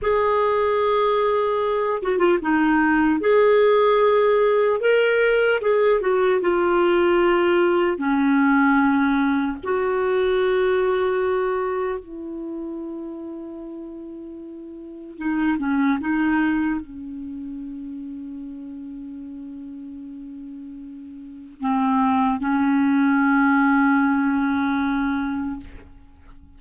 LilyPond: \new Staff \with { instrumentName = "clarinet" } { \time 4/4 \tempo 4 = 75 gis'2~ gis'8 fis'16 f'16 dis'4 | gis'2 ais'4 gis'8 fis'8 | f'2 cis'2 | fis'2. e'4~ |
e'2. dis'8 cis'8 | dis'4 cis'2.~ | cis'2. c'4 | cis'1 | }